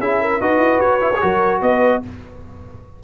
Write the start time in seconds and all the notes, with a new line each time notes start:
0.00 C#4 E4 G#4 E5
0.21 A#4
0.41 D#4 F#4 B4 D#5
0.59 E4
0.80 F#4 C#5
1.01 E4
1.16 F#4 G#4 A#4
1.24 F#3
1.62 B3 B4 D#5